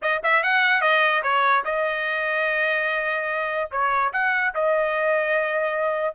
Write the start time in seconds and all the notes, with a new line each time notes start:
0.01 D#5
0.23 E5
0.43 F#5
0.81 D#5
1.22 C#5
1.64 D#5
3.71 C#5
4.12 F#5
4.54 D#5